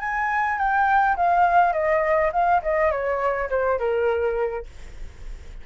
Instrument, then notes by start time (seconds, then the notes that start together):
flute
0.00 G#5
0.58 G5
1.16 F5
1.73 D#5
2.32 F5
2.62 D#5
2.91 C#5
3.50 C5
3.79 A#4